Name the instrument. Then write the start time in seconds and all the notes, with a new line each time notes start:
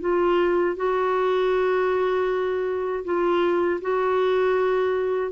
clarinet
0.00 F4
0.76 F#4
3.04 F4
3.81 F#4